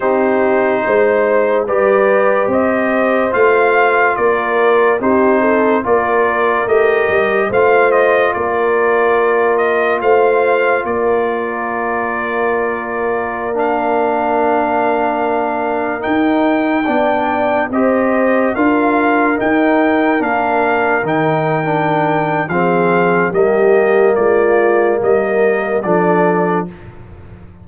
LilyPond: <<
  \new Staff \with { instrumentName = "trumpet" } { \time 4/4 \tempo 4 = 72 c''2 d''4 dis''4 | f''4 d''4 c''4 d''4 | dis''4 f''8 dis''8 d''4. dis''8 | f''4 d''2.~ |
d''16 f''2. g''8.~ | g''4~ g''16 dis''4 f''4 g''8.~ | g''16 f''4 g''4.~ g''16 f''4 | dis''4 d''4 dis''4 d''4 | }
  \new Staff \with { instrumentName = "horn" } { \time 4/4 g'4 c''4 b'4 c''4~ | c''4 ais'4 g'8 a'8 ais'4~ | ais'4 c''4 ais'2 | c''4 ais'2.~ |
ais'1~ | ais'16 d''4 c''4 ais'4.~ ais'16~ | ais'2. gis'4 | g'4 f'4 ais'4 a'4 | }
  \new Staff \with { instrumentName = "trombone" } { \time 4/4 dis'2 g'2 | f'2 dis'4 f'4 | g'4 f'2.~ | f'1~ |
f'16 d'2. dis'8.~ | dis'16 d'4 g'4 f'4 dis'8.~ | dis'16 d'4 dis'8. d'4 c'4 | ais2. d'4 | }
  \new Staff \with { instrumentName = "tuba" } { \time 4/4 c'4 gis4 g4 c'4 | a4 ais4 c'4 ais4 | a8 g8 a4 ais2 | a4 ais2.~ |
ais2.~ ais16 dis'8.~ | dis'16 b4 c'4 d'4 dis'8.~ | dis'16 ais4 dis4.~ dis16 f4 | g4 gis4 g4 f4 | }
>>